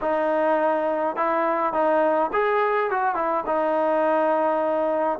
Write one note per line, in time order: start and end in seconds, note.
0.01 1.16 D#4
1.16 1.73 E4
1.73 2.31 D#4
2.32 2.90 G#4
2.90 3.15 F#4
3.15 3.44 E4
3.46 5.19 D#4